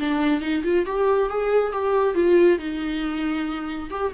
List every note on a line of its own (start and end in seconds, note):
0.00 0.41 D4
0.41 0.63 D#4
0.64 0.86 F4
0.86 1.30 G4
1.30 1.73 G#4
1.73 2.15 G4
2.15 2.59 F4
2.59 3.90 D#4
3.91 4.13 G4